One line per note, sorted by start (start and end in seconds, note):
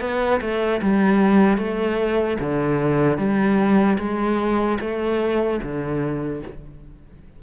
0.00 0.40 B3
0.40 0.80 A3
0.81 1.57 G3
1.57 2.37 A3
2.39 3.17 D3
3.17 3.97 G3
3.98 4.78 G#3
4.80 5.60 A3
5.62 6.42 D3